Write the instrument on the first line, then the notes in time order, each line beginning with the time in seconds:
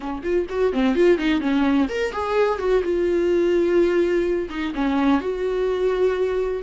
viola
0.00 C#4
0.23 F4
0.49 F#4
0.72 C4
0.95 F4
1.17 D#4
1.40 C#4
1.89 A#4
2.12 G#4
2.58 F#4
2.83 F4
4.49 D#4
4.74 C#4
5.21 F#4